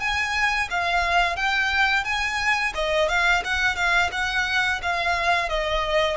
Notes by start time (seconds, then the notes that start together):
0.00 G#5
0.71 F5
1.36 G5
2.04 G#5
2.75 D#5
3.09 F5
3.45 F#5
3.76 F5
4.12 F#5
4.83 F5
5.49 D#5